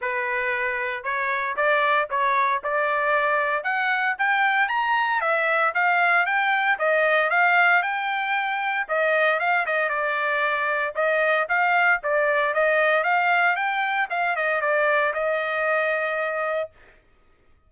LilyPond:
\new Staff \with { instrumentName = "trumpet" } { \time 4/4 \tempo 4 = 115 b'2 cis''4 d''4 | cis''4 d''2 fis''4 | g''4 ais''4 e''4 f''4 | g''4 dis''4 f''4 g''4~ |
g''4 dis''4 f''8 dis''8 d''4~ | d''4 dis''4 f''4 d''4 | dis''4 f''4 g''4 f''8 dis''8 | d''4 dis''2. | }